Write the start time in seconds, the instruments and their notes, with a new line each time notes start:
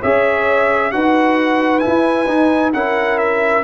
0.00 tuba C#4, trombone G#4, horn C#5, trumpet E5
0.91 tuba D#4, trombone F#4, horn B4, trumpet F#5
1.79 trombone E4, trumpet G#5
1.86 tuba E4
2.27 trombone D#4, tuba D#4
2.73 tuba C#4, trombone E4, horn A#4, trumpet F#5
3.18 trumpet E5